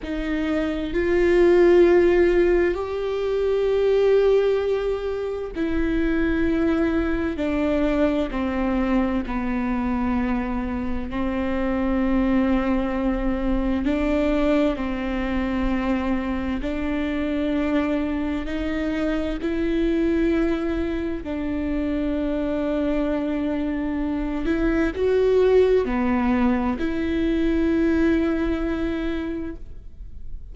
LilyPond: \new Staff \with { instrumentName = "viola" } { \time 4/4 \tempo 4 = 65 dis'4 f'2 g'4~ | g'2 e'2 | d'4 c'4 b2 | c'2. d'4 |
c'2 d'2 | dis'4 e'2 d'4~ | d'2~ d'8 e'8 fis'4 | b4 e'2. | }